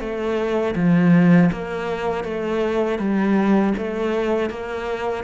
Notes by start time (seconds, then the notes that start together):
0.00 A3
0.76 F3
1.52 A#3
2.24 A3
2.99 G3
3.78 A3
4.50 A#3